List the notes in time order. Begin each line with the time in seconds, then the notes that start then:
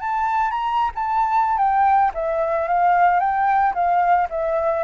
0.00 A5
0.51 A#5
0.95 A5
1.58 G5
2.14 E5
2.68 F5
3.20 G5
3.74 F5
4.30 E5